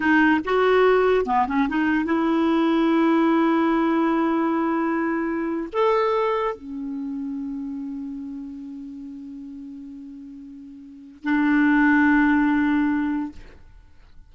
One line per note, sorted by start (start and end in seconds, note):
0.00 0.40 D#4
0.45 1.25 F#4
1.25 1.46 B3
1.47 1.68 C#4
1.68 2.05 D#4
2.05 5.69 E4
5.72 6.55 A4
6.55 11.23 C#4
11.23 13.32 D4